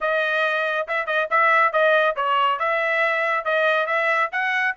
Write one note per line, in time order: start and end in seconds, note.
0.00 0.87 D#5
0.87 1.06 E5
1.06 1.28 D#5
1.30 1.72 E5
1.72 2.15 D#5
2.16 2.59 C#5
2.59 3.44 E5
3.44 3.86 D#5
3.86 4.29 E5
4.32 4.75 F#5